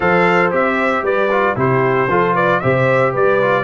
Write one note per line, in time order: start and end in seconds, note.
0.00 0.52 F3
0.00 0.51 A4
0.00 1.03 C5
0.00 0.51 F5
0.51 1.02 C4
0.51 1.29 G4
0.51 1.05 E5
1.02 1.54 G3
1.02 1.56 B4
1.02 1.57 D5
1.31 1.56 F4
1.56 2.08 C3
1.56 2.08 E4
1.56 2.09 G4
1.56 2.35 C5
2.08 2.60 F3
2.08 2.62 F4
2.08 2.34 A4
2.34 2.60 B4
2.34 2.60 D5
2.60 3.15 C3
2.60 3.40 G4
2.60 3.12 C5
2.60 3.12 E5
3.12 3.63 G3
3.12 3.63 B4
3.12 3.63 D5
3.41 3.63 F4